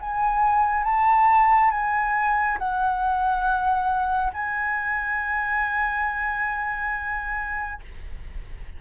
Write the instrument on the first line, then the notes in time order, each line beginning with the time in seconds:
flute
0.00 G#5
0.84 A5
1.70 G#5
2.58 F#5
4.33 G#5